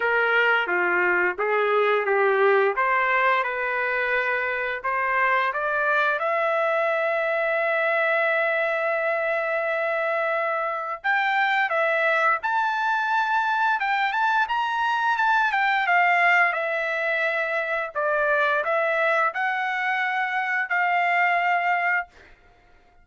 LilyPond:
\new Staff \with { instrumentName = "trumpet" } { \time 4/4 \tempo 4 = 87 ais'4 f'4 gis'4 g'4 | c''4 b'2 c''4 | d''4 e''2.~ | e''1 |
g''4 e''4 a''2 | g''8 a''8 ais''4 a''8 g''8 f''4 | e''2 d''4 e''4 | fis''2 f''2 | }